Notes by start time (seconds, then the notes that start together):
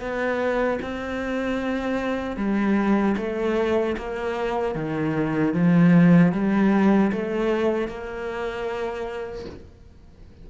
0.00 B3
0.81 C4
2.36 G3
3.17 A3
3.97 A#3
4.74 D#3
5.54 F3
6.32 G3
7.12 A3
7.87 A#3